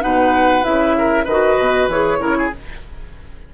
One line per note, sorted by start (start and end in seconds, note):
0.00 0.65 B2
0.00 0.62 D#4
0.00 0.96 B4
0.00 0.63 F#5
0.62 1.26 C#3
0.62 1.25 E4
0.62 1.26 E5
0.98 1.24 A#4
1.24 1.57 D#3
1.24 2.18 B4
1.24 1.89 D#5
1.30 1.91 F#4
1.58 1.88 B2
1.88 2.19 E3
1.88 2.19 G#4
1.88 2.52 C#5
2.19 2.50 C#3
2.19 2.50 E4
2.19 2.36 A#4
2.38 2.53 G#4